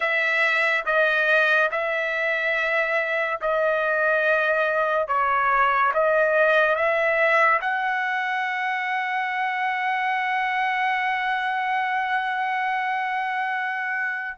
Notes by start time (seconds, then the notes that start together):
0.00 E5
0.85 D#5
1.71 E5
3.41 D#5
5.07 C#5
5.93 D#5
6.75 E5
7.61 F#5